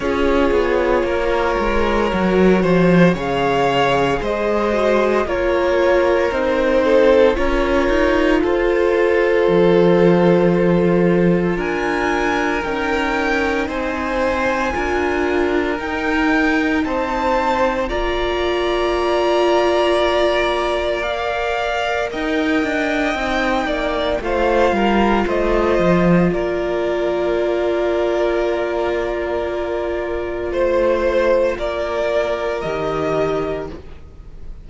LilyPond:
<<
  \new Staff \with { instrumentName = "violin" } { \time 4/4 \tempo 4 = 57 cis''2. f''4 | dis''4 cis''4 c''4 cis''4 | c''2. gis''4 | g''4 gis''2 g''4 |
a''4 ais''2. | f''4 g''2 f''4 | dis''4 d''2.~ | d''4 c''4 d''4 dis''4 | }
  \new Staff \with { instrumentName = "violin" } { \time 4/4 gis'4 ais'4. c''8 cis''4 | c''4 ais'4. a'8 ais'4 | a'2. ais'4~ | ais'4 c''4 ais'2 |
c''4 d''2.~ | d''4 dis''4. d''8 c''8 ais'8 | c''4 ais'2.~ | ais'4 c''4 ais'2 | }
  \new Staff \with { instrumentName = "viola" } { \time 4/4 f'2 fis'4 gis'4~ | gis'8 fis'8 f'4 dis'4 f'4~ | f'1 | dis'2 f'4 dis'4~ |
dis'4 f'2. | ais'2 dis'4 f'4~ | f'1~ | f'2. g'4 | }
  \new Staff \with { instrumentName = "cello" } { \time 4/4 cis'8 b8 ais8 gis8 fis8 f8 cis4 | gis4 ais4 c'4 cis'8 dis'8 | f'4 f2 d'4 | cis'4 c'4 d'4 dis'4 |
c'4 ais2.~ | ais4 dis'8 d'8 c'8 ais8 a8 g8 | a8 f8 ais2.~ | ais4 a4 ais4 dis4 | }
>>